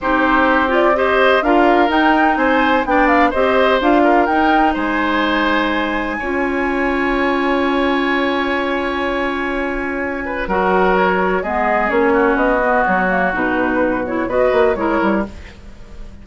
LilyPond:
<<
  \new Staff \with { instrumentName = "flute" } { \time 4/4 \tempo 4 = 126 c''4. d''8 dis''4 f''4 | g''4 gis''4 g''8 f''8 dis''4 | f''4 g''4 gis''2~ | gis''1~ |
gis''1~ | gis''2 fis''4 cis''4 | dis''4 cis''4 dis''4 cis''4 | b'4. cis''8 dis''4 cis''4 | }
  \new Staff \with { instrumentName = "oboe" } { \time 4/4 g'2 c''4 ais'4~ | ais'4 c''4 d''4 c''4~ | c''8 ais'4. c''2~ | c''4 cis''2.~ |
cis''1~ | cis''4. b'8 ais'2 | gis'4. fis'2~ fis'8~ | fis'2 b'4 ais'4 | }
  \new Staff \with { instrumentName = "clarinet" } { \time 4/4 dis'4. f'8 g'4 f'4 | dis'2 d'4 g'4 | f'4 dis'2.~ | dis'4 f'2.~ |
f'1~ | f'2 fis'2 | b4 cis'4. b4 ais8 | dis'4. e'8 fis'4 e'4 | }
  \new Staff \with { instrumentName = "bassoon" } { \time 4/4 c'2. d'4 | dis'4 c'4 b4 c'4 | d'4 dis'4 gis2~ | gis4 cis'2.~ |
cis'1~ | cis'2 fis2 | gis4 ais4 b4 fis4 | b,2 b8 ais8 gis8 g8 | }
>>